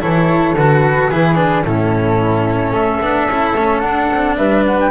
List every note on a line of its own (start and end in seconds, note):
0.00 0.54 E3
0.00 0.55 E4
0.00 1.09 A4
0.00 0.55 C#5
0.54 1.09 D3
0.54 1.11 F#4
0.54 1.64 B4
1.09 1.65 E3
1.09 1.35 E4
1.09 1.64 G#4
1.35 1.62 D4
1.64 2.71 A2
1.64 3.02 C#4
1.64 2.72 E4
1.64 2.72 A4
2.71 2.99 A3
2.71 4.35 A4
2.71 3.79 E5
3.01 3.26 B3
3.01 3.30 D4
3.26 3.54 C#4
3.26 3.57 E4
3.55 3.82 A3
3.55 3.82 C#4
3.79 4.91 D4
3.79 4.10 D4
3.79 4.34 F#5
4.11 4.37 C4
4.37 4.91 G3
4.37 4.91 B4
4.37 4.64 E5
4.66 4.79 F#5
4.80 4.91 G5